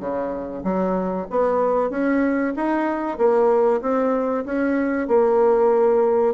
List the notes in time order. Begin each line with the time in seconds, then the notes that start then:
0.00 C#3
0.64 F#3
1.30 B3
1.90 C#4
2.56 D#4
3.18 A#3
3.82 C4
4.46 C#4
5.08 A#3